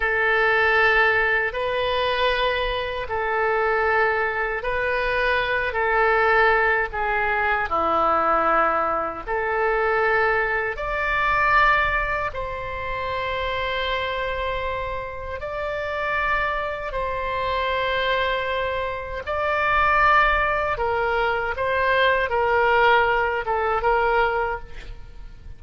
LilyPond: \new Staff \with { instrumentName = "oboe" } { \time 4/4 \tempo 4 = 78 a'2 b'2 | a'2 b'4. a'8~ | a'4 gis'4 e'2 | a'2 d''2 |
c''1 | d''2 c''2~ | c''4 d''2 ais'4 | c''4 ais'4. a'8 ais'4 | }